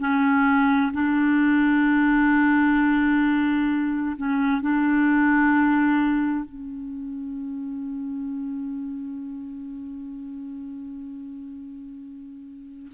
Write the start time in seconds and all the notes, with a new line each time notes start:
0.00 C#4
0.94 D4
4.18 C#4
4.62 D4
6.46 C#4